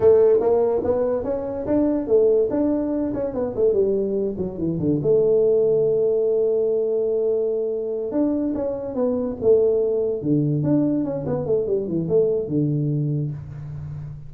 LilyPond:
\new Staff \with { instrumentName = "tuba" } { \time 4/4 \tempo 4 = 144 a4 ais4 b4 cis'4 | d'4 a4 d'4. cis'8 | b8 a8 g4. fis8 e8 d8 | a1~ |
a2.~ a8 d'8~ | d'8 cis'4 b4 a4.~ | a8 d4 d'4 cis'8 b8 a8 | g8 e8 a4 d2 | }